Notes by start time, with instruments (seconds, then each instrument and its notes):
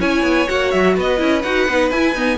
0.00 cello C#4, viola E4, violin C#5 G#5
0.23 cello B3
0.47 cello A#3, viola F#4, violin F#5
0.71 cello F#3, violin E5
0.96 cello B3, violin B4 D#5
1.18 cello C#4, viola E4
1.42 cello D#4, viola F#4, violin F#5
1.68 cello B3, viola D#4
1.91 cello E4, viola E4, violin G#5
2.15 viola B3, cello D#4